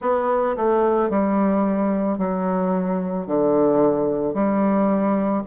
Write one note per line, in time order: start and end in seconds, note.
0.01 0.56 B3
0.56 1.09 A3
1.09 2.18 G3
2.18 3.27 F#3
3.27 4.33 D3
4.33 5.42 G3